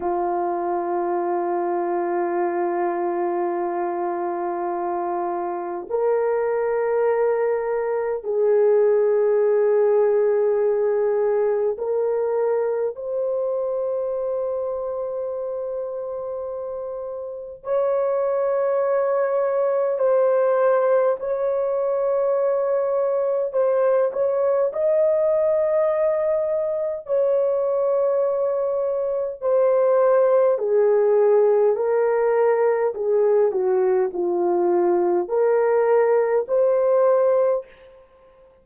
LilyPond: \new Staff \with { instrumentName = "horn" } { \time 4/4 \tempo 4 = 51 f'1~ | f'4 ais'2 gis'4~ | gis'2 ais'4 c''4~ | c''2. cis''4~ |
cis''4 c''4 cis''2 | c''8 cis''8 dis''2 cis''4~ | cis''4 c''4 gis'4 ais'4 | gis'8 fis'8 f'4 ais'4 c''4 | }